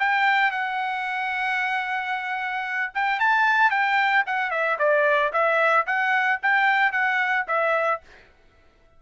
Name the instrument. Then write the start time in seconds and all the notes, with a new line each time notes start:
trumpet
0.00 G5
0.52 F#5
2.95 G5
3.20 A5
3.71 G5
4.27 F#5
4.51 E5
4.79 D5
5.33 E5
5.87 F#5
6.43 G5
6.93 F#5
7.48 E5